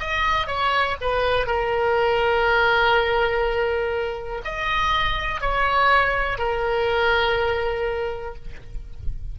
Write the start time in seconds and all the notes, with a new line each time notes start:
0.00 D#5
0.47 C#5
1.01 B4
1.47 A#4
4.44 D#5
5.41 C#5
6.38 A#4